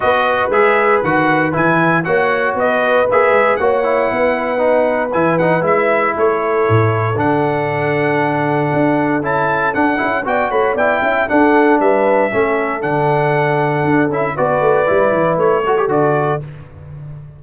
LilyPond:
<<
  \new Staff \with { instrumentName = "trumpet" } { \time 4/4 \tempo 4 = 117 dis''4 e''4 fis''4 gis''4 | fis''4 dis''4 e''4 fis''4~ | fis''2 gis''8 fis''8 e''4 | cis''2 fis''2~ |
fis''2 a''4 fis''4 | g''8 b''8 g''4 fis''4 e''4~ | e''4 fis''2~ fis''8 e''8 | d''2 cis''4 d''4 | }
  \new Staff \with { instrumentName = "horn" } { \time 4/4 b'1 | cis''4 b'2 cis''4 | b'1 | a'1~ |
a'1 | d''8 cis''8 d''8 e''8 a'4 b'4 | a'1 | b'2~ b'8 a'4. | }
  \new Staff \with { instrumentName = "trombone" } { \time 4/4 fis'4 gis'4 fis'4 e'4 | fis'2 gis'4 fis'8 e'8~ | e'4 dis'4 e'8 dis'8 e'4~ | e'2 d'2~ |
d'2 e'4 d'8 e'8 | fis'4 e'4 d'2 | cis'4 d'2~ d'8 e'8 | fis'4 e'4. fis'16 g'16 fis'4 | }
  \new Staff \with { instrumentName = "tuba" } { \time 4/4 b4 gis4 dis4 e4 | ais4 b4 ais8 gis8 ais4 | b2 e4 gis4 | a4 a,4 d2~ |
d4 d'4 cis'4 d'8 cis'8 | b8 a8 b8 cis'8 d'4 g4 | a4 d2 d'8 cis'8 | b8 a8 g8 e8 a4 d4 | }
>>